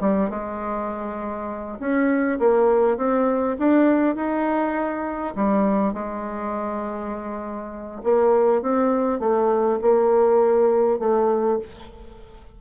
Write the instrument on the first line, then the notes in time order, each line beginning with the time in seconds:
bassoon
0.00 G3
0.29 G#3
1.79 C#4
2.39 A#3
2.97 C4
3.58 D4
4.15 D#4
5.35 G3
5.93 G#3
8.03 A#3
8.61 C4
9.19 A3
9.81 A#3
10.99 A3